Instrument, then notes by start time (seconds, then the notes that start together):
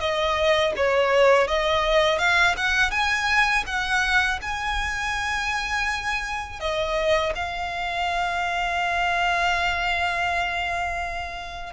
violin
0.00 D#5
0.76 C#5
1.48 D#5
2.19 F5
2.57 F#5
2.91 G#5
3.67 F#5
4.42 G#5
6.60 D#5
7.35 F5